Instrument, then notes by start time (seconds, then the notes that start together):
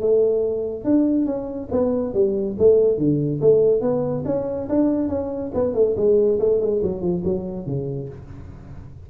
tuba
0.00 A3
0.84 D4
1.26 C#4
1.71 B3
2.14 G3
2.58 A3
2.97 D3
3.41 A3
3.81 B3
4.25 C#4
4.69 D4
5.09 C#4
5.54 B3
5.74 A3
5.96 G#3
6.39 A3
6.61 G#3
6.82 F#3
7.01 F3
7.24 F#3
7.66 C#3